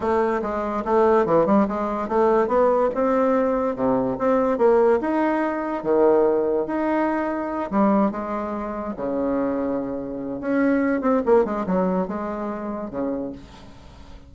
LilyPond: \new Staff \with { instrumentName = "bassoon" } { \time 4/4 \tempo 4 = 144 a4 gis4 a4 e8 g8 | gis4 a4 b4 c'4~ | c'4 c4 c'4 ais4 | dis'2 dis2 |
dis'2~ dis'8 g4 gis8~ | gis4. cis2~ cis8~ | cis4 cis'4. c'8 ais8 gis8 | fis4 gis2 cis4 | }